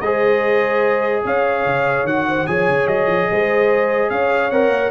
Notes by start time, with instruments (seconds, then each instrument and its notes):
0.00 tuba G#3, trombone G#4, horn C5, trumpet D#5
1.24 tuba C#4, horn C#5, trumpet F5
1.65 tuba C#3
2.04 tuba D#3, trombone F#4, trumpet F#5
2.28 horn C5
2.46 tuba F3, trombone G#4, horn C#5, trumpet G#5
2.68 tuba C#3
2.86 tuba F#3, trumpet D#5
3.06 tuba F3
3.31 tuba G#3, horn C5
4.10 tuba C#4, horn C#5, trumpet F5
4.50 tuba C4, trombone A#4, trumpet F#5
4.68 tuba A#3